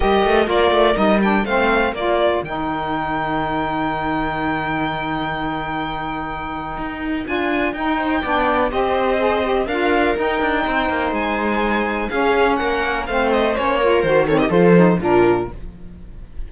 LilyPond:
<<
  \new Staff \with { instrumentName = "violin" } { \time 4/4 \tempo 4 = 124 dis''4 d''4 dis''8 g''8 f''4 | d''4 g''2.~ | g''1~ | g''2. gis''4 |
g''2 dis''2 | f''4 g''2 gis''4~ | gis''4 f''4 fis''4 f''8 dis''8 | cis''4 c''8 cis''16 dis''16 c''4 ais'4 | }
  \new Staff \with { instrumentName = "viola" } { \time 4/4 ais'2. c''4 | ais'1~ | ais'1~ | ais'1~ |
ais'8 c''8 d''4 c''2 | ais'2 c''2~ | c''4 gis'4 ais'4 c''4~ | c''8 ais'4 a'16 g'16 a'4 f'4 | }
  \new Staff \with { instrumentName = "saxophone" } { \time 4/4 g'4 f'4 dis'8 d'8 c'4 | f'4 dis'2.~ | dis'1~ | dis'2. f'4 |
dis'4 d'4 g'4 gis'8 g'8 | f'4 dis'2.~ | dis'4 cis'2 c'4 | cis'8 f'8 fis'8 c'8 f'8 dis'8 d'4 | }
  \new Staff \with { instrumentName = "cello" } { \time 4/4 g8 a8 ais8 a8 g4 a4 | ais4 dis2.~ | dis1~ | dis2 dis'4 d'4 |
dis'4 b4 c'2 | d'4 dis'8 d'8 c'8 ais8 gis4~ | gis4 cis'4 ais4 a4 | ais4 dis4 f4 ais,4 | }
>>